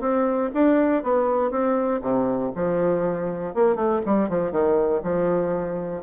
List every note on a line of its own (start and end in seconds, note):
0.00 0.50 C4
0.54 1.03 D4
1.03 1.51 B3
1.51 2.01 C4
2.02 2.52 C3
2.55 3.54 F3
3.54 3.76 A#3
3.76 4.01 A3
4.05 4.29 G3
4.29 4.52 F3
4.52 5.02 D#3
5.03 6.03 F3